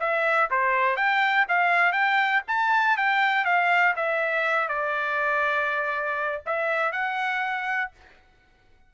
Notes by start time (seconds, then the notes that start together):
0.00 E5
0.50 C5
0.97 G5
1.49 F5
1.93 G5
2.48 A5
2.97 G5
3.45 F5
3.96 E5
4.69 D5
6.46 E5
6.92 F#5